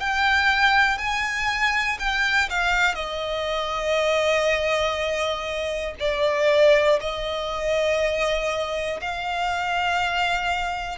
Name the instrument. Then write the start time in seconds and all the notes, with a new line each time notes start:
violin
0.00 G5
0.99 G#5
1.99 G5
2.50 F5
2.95 D#5
6.00 D5
7.01 D#5
9.01 F5